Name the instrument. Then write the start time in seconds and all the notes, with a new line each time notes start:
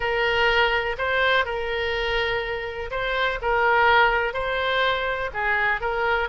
oboe
0.00 A#4
0.98 C5
1.45 A#4
2.90 C5
3.41 A#4
4.33 C5
5.33 G#4
5.80 A#4